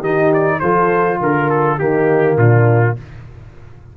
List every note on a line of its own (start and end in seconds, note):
0.00 0.60 D#3
0.00 0.62 D#4
0.00 0.59 G4
0.00 0.33 D#5
0.34 0.60 D5
0.60 1.21 F3
0.60 1.80 F4
0.60 1.20 A4
0.60 1.19 C5
1.21 1.79 D3
1.21 1.80 A#4
1.21 1.50 A#4
1.50 1.79 A4
1.79 2.37 D#3
1.79 2.97 A#3
1.79 2.38 D#4
1.79 2.38 G4
2.37 2.95 A#2
2.37 2.97 D4
2.37 2.97 F4